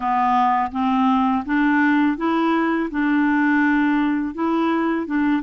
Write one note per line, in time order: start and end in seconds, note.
0.00 0.71 B3
0.71 1.44 C4
1.45 2.17 D4
2.17 2.89 E4
2.90 4.34 D4
4.34 5.06 E4
5.06 5.42 D4